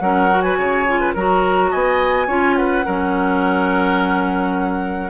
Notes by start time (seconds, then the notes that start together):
0.00 F#3 C#4 A#4 F#5
0.30 F#4
0.41 B4 G#5
0.57 C#3 C#5
0.87 F4
1.00 B4
1.14 F#3 F#4 A#4 A#5
1.71 B3 D#5 G#5
2.27 C#4 F4 C#5
2.56 B4 F#5
2.85 F#3 C#4 A#4